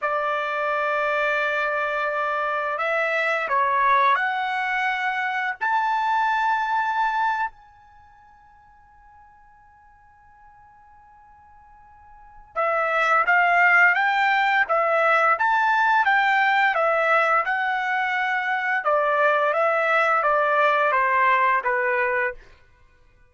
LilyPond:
\new Staff \with { instrumentName = "trumpet" } { \time 4/4 \tempo 4 = 86 d''1 | e''4 cis''4 fis''2 | a''2~ a''8. gis''4~ gis''16~ | gis''1~ |
gis''2 e''4 f''4 | g''4 e''4 a''4 g''4 | e''4 fis''2 d''4 | e''4 d''4 c''4 b'4 | }